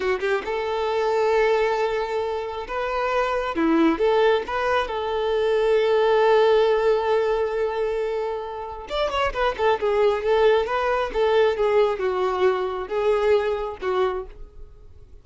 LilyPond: \new Staff \with { instrumentName = "violin" } { \time 4/4 \tempo 4 = 135 fis'8 g'8 a'2.~ | a'2 b'2 | e'4 a'4 b'4 a'4~ | a'1~ |
a'1 | d''8 cis''8 b'8 a'8 gis'4 a'4 | b'4 a'4 gis'4 fis'4~ | fis'4 gis'2 fis'4 | }